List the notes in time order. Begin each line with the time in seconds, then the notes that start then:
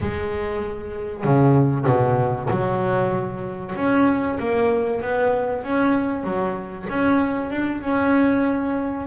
0.00 G#3
1.23 C#3
1.86 B2
2.50 F#3
3.75 C#4
4.39 A#3
5.01 B3
5.63 C#4
6.23 F#3
6.89 C#4
7.50 D4
7.81 C#4